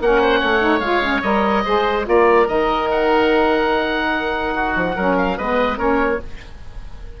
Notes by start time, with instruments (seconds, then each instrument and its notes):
0.00 bassoon A#3, saxophone C#4, oboe A#4 F#5
0.21 oboe C5
0.39 bassoon A3, oboe C#5
0.60 saxophone D#4
0.79 bassoon G#3, saxophone F4, oboe F5
1.02 saxophone C#4
1.22 bassoon G3, saxophone A#4, oboe D#5
1.64 bassoon G#3, saxophone G#4, oboe C5
2.03 bassoon A#3, saxophone F4, oboe A#4 D5
2.46 bassoon D#3, saxophone D#4, oboe D#5
2.91 oboe F#5
4.54 oboe F#4
4.75 bassoon F3
4.95 bassoon F#3, saxophone C#4, oboe A#4
5.17 oboe F5
5.37 bassoon G#3, saxophone B3, oboe B4 D#5
5.77 bassoon A#3, saxophone C#4, oboe A#4 C#5